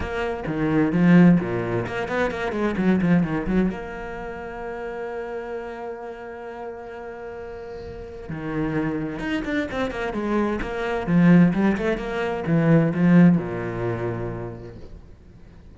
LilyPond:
\new Staff \with { instrumentName = "cello" } { \time 4/4 \tempo 4 = 130 ais4 dis4 f4 ais,4 | ais8 b8 ais8 gis8 fis8 f8 dis8 fis8 | ais1~ | ais1~ |
ais2 dis2 | dis'8 d'8 c'8 ais8 gis4 ais4 | f4 g8 a8 ais4 e4 | f4 ais,2. | }